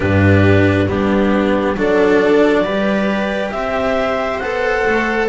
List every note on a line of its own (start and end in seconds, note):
0.00 0.86 G2
0.00 0.88 D4
0.00 0.88 G4
0.00 0.88 B4
0.86 1.75 G3
0.86 1.76 B3
0.86 1.76 D4
0.86 1.77 G4
1.76 2.64 F#3
1.76 2.65 D4
1.76 2.63 A4
1.76 3.51 D5
2.63 3.52 G3
2.63 4.41 G4
2.63 3.51 B4
3.51 4.40 C4
3.51 5.29 C5
3.51 4.38 E5
4.38 4.84 B3
4.38 5.29 A4
4.38 5.26 F#5
4.85 5.29 A3